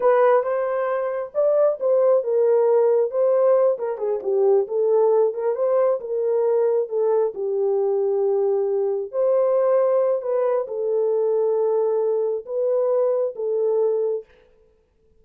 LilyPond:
\new Staff \with { instrumentName = "horn" } { \time 4/4 \tempo 4 = 135 b'4 c''2 d''4 | c''4 ais'2 c''4~ | c''8 ais'8 gis'8 g'4 a'4. | ais'8 c''4 ais'2 a'8~ |
a'8 g'2.~ g'8~ | g'8 c''2~ c''8 b'4 | a'1 | b'2 a'2 | }